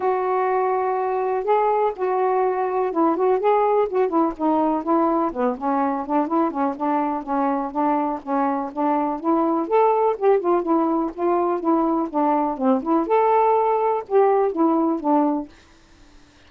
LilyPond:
\new Staff \with { instrumentName = "saxophone" } { \time 4/4 \tempo 4 = 124 fis'2. gis'4 | fis'2 e'8 fis'8 gis'4 | fis'8 e'8 dis'4 e'4 b8 cis'8~ | cis'8 d'8 e'8 cis'8 d'4 cis'4 |
d'4 cis'4 d'4 e'4 | a'4 g'8 f'8 e'4 f'4 | e'4 d'4 c'8 e'8 a'4~ | a'4 g'4 e'4 d'4 | }